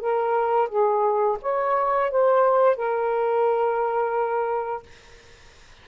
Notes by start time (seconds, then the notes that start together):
0.00 A#4
0.68 G#4
1.42 C#5
2.11 C5
2.76 A#4